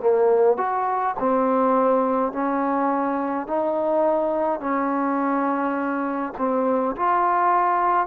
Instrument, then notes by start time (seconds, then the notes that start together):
trombone
0.00 A#3
0.58 F#4
1.20 C4
2.33 C#4
3.47 D#4
4.60 C#4
6.38 C4
6.97 F4